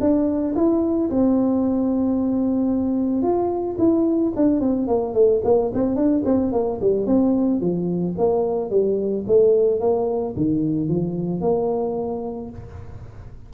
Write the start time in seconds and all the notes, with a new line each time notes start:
0.00 D4
0.55 E4
1.10 C4
3.22 F4
3.78 E4
4.36 D4
4.60 C4
4.87 A#3
5.14 A3
5.44 A#3
5.74 C4
5.95 D4
6.25 C4
6.52 A#3
6.81 G3
7.06 C4
7.61 F3
8.18 A#3
8.70 G3
9.27 A3
9.80 A#3
10.36 D#3
10.89 F3
11.41 A#3